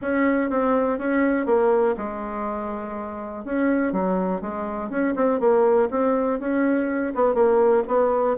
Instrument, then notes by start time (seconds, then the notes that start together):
bassoon
0.01 C#4
0.50 C4
0.98 C#4
1.46 A#3
1.97 G#3
3.44 C#4
3.92 F#3
4.41 G#3
4.89 C#4
5.15 C4
5.40 A#3
5.90 C4
6.39 C#4
7.14 B3
7.34 A#3
7.87 B3